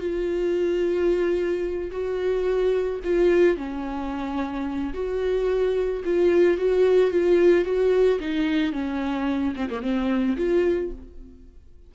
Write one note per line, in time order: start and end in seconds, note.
0.00 1.91 F4
1.91 3.00 F#4
3.04 3.57 F4
3.57 4.93 C#4
4.94 6.03 F#4
6.05 6.58 F4
6.58 7.11 F#4
7.11 7.65 F4
7.65 8.20 F#4
8.20 8.73 D#4
8.73 9.55 C#4
9.56 9.70 C4
9.70 9.82 A#3
9.82 10.37 C4
10.37 10.91 F4